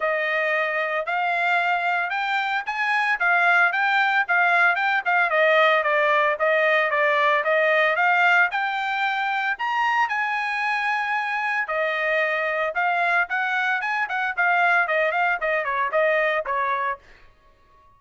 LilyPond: \new Staff \with { instrumentName = "trumpet" } { \time 4/4 \tempo 4 = 113 dis''2 f''2 | g''4 gis''4 f''4 g''4 | f''4 g''8 f''8 dis''4 d''4 | dis''4 d''4 dis''4 f''4 |
g''2 ais''4 gis''4~ | gis''2 dis''2 | f''4 fis''4 gis''8 fis''8 f''4 | dis''8 f''8 dis''8 cis''8 dis''4 cis''4 | }